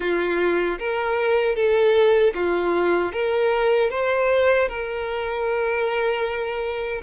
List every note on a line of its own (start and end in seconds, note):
0.00 0.78 F4
0.79 1.55 A#4
1.55 2.33 A4
2.34 3.12 F4
3.12 3.90 A#4
3.90 4.68 C5
4.68 7.02 A#4